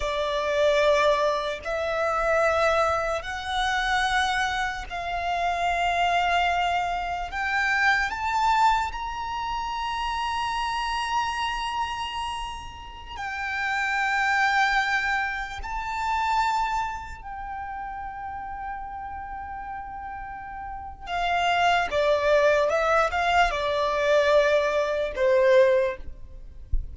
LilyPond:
\new Staff \with { instrumentName = "violin" } { \time 4/4 \tempo 4 = 74 d''2 e''2 | fis''2 f''2~ | f''4 g''4 a''4 ais''4~ | ais''1~ |
ais''16 g''2. a''8.~ | a''4~ a''16 g''2~ g''8.~ | g''2 f''4 d''4 | e''8 f''8 d''2 c''4 | }